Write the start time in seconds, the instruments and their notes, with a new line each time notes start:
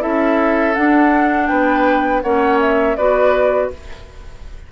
0.00 bassoon C#4, clarinet E4, oboe A4, flute E5
0.74 clarinet D4, bassoon D4, flute F#5
1.47 bassoon B3, oboe B4, flute G5
2.22 bassoon A#3, clarinet C#4, oboe C#5, flute F#5
2.60 flute E5
2.96 bassoon B3, clarinet F#4, oboe B4, flute D5